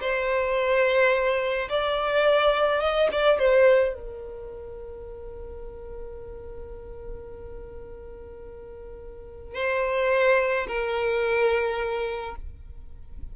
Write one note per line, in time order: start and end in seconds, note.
0.00 1.68 C5
1.69 2.80 D5
2.80 3.08 D#5
3.11 3.38 D5
3.38 3.94 C5
3.94 9.54 A#4
9.54 10.66 C5
10.67 12.35 A#4